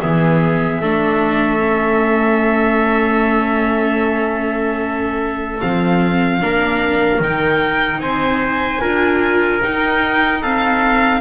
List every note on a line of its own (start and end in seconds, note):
0.00 0.81 E3
0.00 0.81 B3
0.00 0.80 G#4
0.00 5.60 E5
0.80 5.61 A3
0.80 1.58 D4
0.80 6.40 A4
1.58 5.58 C#4
5.60 6.42 F3
5.60 6.40 C4
5.60 7.20 F5
6.40 7.19 A#3
6.40 7.20 D4
6.40 8.01 A#4
7.19 7.99 D#3
7.19 8.80 D#4
7.19 8.00 G5
7.99 8.79 C4
7.99 8.81 C5
7.99 9.60 G#5
8.80 9.62 D4
8.80 9.61 F4
8.80 10.41 A#4
9.62 10.42 D#4
9.62 11.21 D#4
9.62 10.42 G5
10.42 11.21 C4
10.42 11.21 A4
10.42 11.21 F5